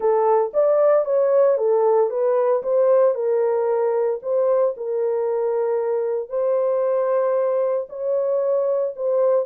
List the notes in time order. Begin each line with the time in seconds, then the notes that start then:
0.00 A4
0.53 D5
1.05 C#5
1.57 A4
2.09 B4
2.62 C5
3.14 A#4
4.22 C5
4.76 A#4
6.29 C5
7.89 C#5
8.96 C5